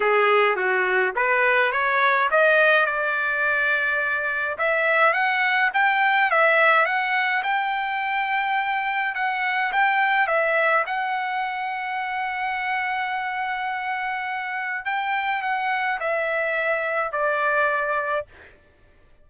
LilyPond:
\new Staff \with { instrumentName = "trumpet" } { \time 4/4 \tempo 4 = 105 gis'4 fis'4 b'4 cis''4 | dis''4 d''2. | e''4 fis''4 g''4 e''4 | fis''4 g''2. |
fis''4 g''4 e''4 fis''4~ | fis''1~ | fis''2 g''4 fis''4 | e''2 d''2 | }